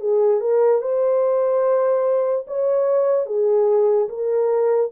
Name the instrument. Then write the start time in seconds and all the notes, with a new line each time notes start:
horn
0.00 G#4
0.40 A#4
0.82 C5
2.47 C#5
3.26 G#4
4.09 A#4